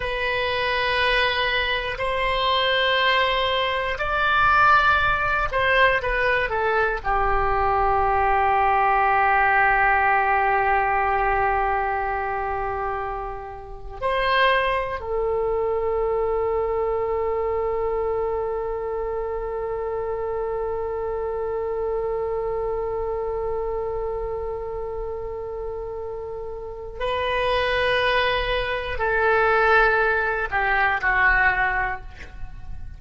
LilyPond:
\new Staff \with { instrumentName = "oboe" } { \time 4/4 \tempo 4 = 60 b'2 c''2 | d''4. c''8 b'8 a'8 g'4~ | g'1~ | g'2 c''4 a'4~ |
a'1~ | a'1~ | a'2. b'4~ | b'4 a'4. g'8 fis'4 | }